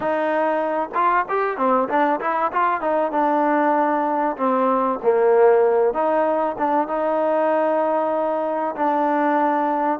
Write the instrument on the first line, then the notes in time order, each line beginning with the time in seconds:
trombone
0.00 D#4
0.94 F4
1.28 G4
1.57 C4
1.88 D4
2.20 E4
2.52 F4
2.81 D#4
3.11 D4
4.36 C4
5.02 A#3
5.93 D#4
6.58 D4
6.87 D#4
8.75 D4